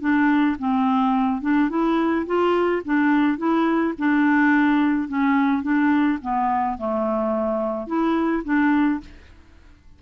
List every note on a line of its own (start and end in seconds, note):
0.00 0.56 D4
0.58 1.41 C4
1.41 1.69 D4
1.69 2.25 E4
2.26 2.82 F4
2.84 3.37 D4
3.37 3.94 E4
3.98 5.08 D4
5.08 5.62 C#4
5.62 6.18 D4
6.21 6.77 B3
6.77 7.87 A3
7.87 8.43 E4
8.44 9.00 D4